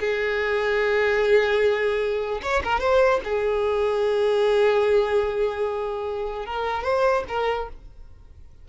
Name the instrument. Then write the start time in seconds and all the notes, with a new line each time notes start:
violin
0.00 G#4
2.43 C#5
2.64 A#4
2.80 C5
3.25 G#4
6.46 A#4
6.84 C5
7.29 A#4